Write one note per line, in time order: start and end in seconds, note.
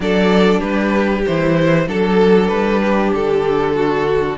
0.00 0.60 F#3
0.00 1.25 D4
0.00 0.60 A4
0.00 0.60 D5
0.60 1.25 G3
0.60 1.85 G4
0.60 1.23 B4
1.26 1.87 E3
1.26 1.86 E4
1.26 1.88 C5
1.86 2.50 F#3
1.86 4.36 D4
1.86 2.48 A4
1.86 2.81 A4
2.48 3.12 G3
2.48 3.10 B4
2.82 3.75 G4
3.14 4.38 D3
3.14 4.38 A4
3.75 4.38 F#4